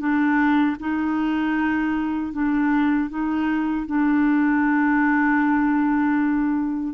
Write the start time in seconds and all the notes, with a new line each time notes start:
0.00 D4
0.80 D#4
2.33 D4
3.10 D#4
3.87 D4